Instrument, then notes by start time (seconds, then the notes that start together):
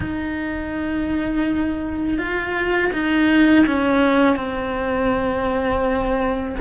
cello
0.00 D#4
2.18 F4
2.92 D#4
3.66 C#4
4.36 C4